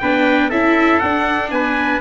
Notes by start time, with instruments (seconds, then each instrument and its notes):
0.00 tuba B3, viola D4, trumpet B4 G5
0.50 tuba C#4, viola E4, trumpet A4 E5
1.00 tuba D4, viola D4, trumpet F#5
1.51 tuba B3, trumpet B4 G#5